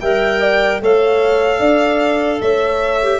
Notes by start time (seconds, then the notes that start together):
0.00 G3 A#4 E5 G5
0.41 D5
0.81 A3 A4 C#5 F5
1.59 D4 D5
2.41 A3 C#5 E5
3.02 G4